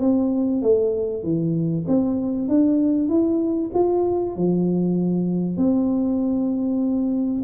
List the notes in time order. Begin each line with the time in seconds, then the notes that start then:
0.00 C4
0.62 A3
1.23 E3
1.88 C4
2.48 D4
3.08 E4
3.74 F4
4.36 F3
5.57 C4